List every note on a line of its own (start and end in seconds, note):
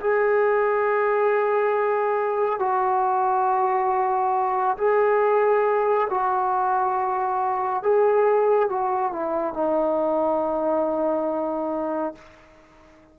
0.00 2.59 G#4
2.59 4.76 F#4
4.77 6.08 G#4
6.09 7.82 F#4
7.82 8.69 G#4
8.69 9.12 F#4
9.12 9.53 E4
9.53 12.14 D#4